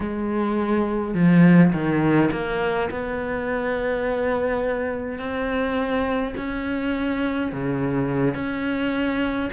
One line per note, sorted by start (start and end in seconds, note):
0.00 1.14 G#3
1.14 1.72 F3
1.72 2.30 D#3
2.31 2.89 A#3
2.90 5.18 B3
5.18 6.34 C4
6.36 7.52 C#4
7.52 8.34 C#3
8.34 9.50 C#4